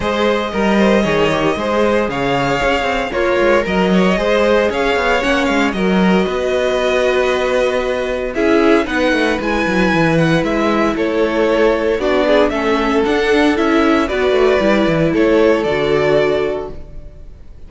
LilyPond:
<<
  \new Staff \with { instrumentName = "violin" } { \time 4/4 \tempo 4 = 115 dis''1 | f''2 cis''4 dis''4~ | dis''4 f''4 fis''8 f''8 dis''4~ | dis''1 |
e''4 fis''4 gis''4. fis''8 | e''4 cis''2 d''4 | e''4 fis''4 e''4 d''4~ | d''4 cis''4 d''2 | }
  \new Staff \with { instrumentName = "violin" } { \time 4/4 c''4 ais'8 c''8 cis''4 c''4 | cis''2 f'4 ais'8 cis''8 | c''4 cis''2 ais'4 | b'1 |
gis'4 b'2.~ | b'4 a'2 fis'8 gis'8 | a'2. b'4~ | b'4 a'2. | }
  \new Staff \with { instrumentName = "viola" } { \time 4/4 gis'4 ais'4 gis'8 g'8 gis'4~ | gis'2 ais'2 | gis'2 cis'4 fis'4~ | fis'1 |
e'4 dis'4 e'2~ | e'2. d'4 | cis'4 d'4 e'4 fis'4 | e'2 fis'2 | }
  \new Staff \with { instrumentName = "cello" } { \time 4/4 gis4 g4 dis4 gis4 | cis4 cis'8 c'8 ais8 gis8 fis4 | gis4 cis'8 b8 ais8 gis8 fis4 | b1 |
cis'4 b8 a8 gis8 fis8 e4 | gis4 a2 b4 | a4 d'4 cis'4 b8 a8 | g8 e8 a4 d2 | }
>>